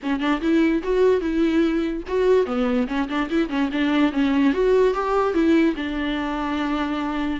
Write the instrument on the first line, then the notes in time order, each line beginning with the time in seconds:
viola
0.02 C#4
0.20 D4
0.41 E4
0.83 F#4
1.20 E4
2.07 F#4
2.46 B3
2.87 C#4
3.08 D4
3.30 E4
3.49 C#4
3.71 D4
4.12 C#4
4.53 F#4
4.94 G4
5.33 E4
5.76 D4